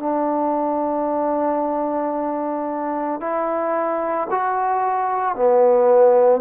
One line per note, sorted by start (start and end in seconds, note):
0.00 3.21 D4
3.21 4.28 E4
4.31 5.36 F#4
5.36 6.41 B3